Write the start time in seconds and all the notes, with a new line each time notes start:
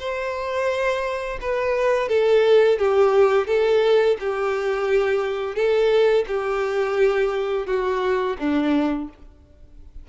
0.00 C5
1.41 B4
2.09 A4
2.79 G4
3.48 A4
4.20 G4
5.56 A4
6.28 G4
7.67 F#4
8.39 D4